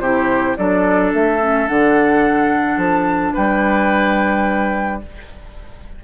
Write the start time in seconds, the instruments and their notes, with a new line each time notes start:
0.00 bassoon C3, clarinet E4, oboe G4, flute C5
0.57 bassoon F#3, clarinet D4, oboe A4, flute D5
1.14 bassoon A3, flute E5
1.41 clarinet C#4
1.68 bassoon D3, clarinet D4, flute F#5
2.78 bassoon F3, flute A5
3.34 bassoon G3, oboe B4, flute G5